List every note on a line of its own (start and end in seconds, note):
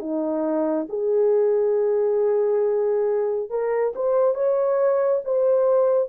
0.00 0.87 D#4
0.90 3.51 G#4
3.51 3.94 A#4
3.96 4.35 C5
4.35 5.22 C#5
5.25 6.09 C5